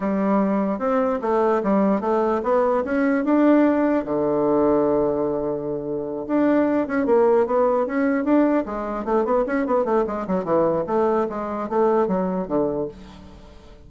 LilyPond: \new Staff \with { instrumentName = "bassoon" } { \time 4/4 \tempo 4 = 149 g2 c'4 a4 | g4 a4 b4 cis'4 | d'2 d2~ | d2.~ d8 d'8~ |
d'4 cis'8 ais4 b4 cis'8~ | cis'8 d'4 gis4 a8 b8 cis'8 | b8 a8 gis8 fis8 e4 a4 | gis4 a4 fis4 d4 | }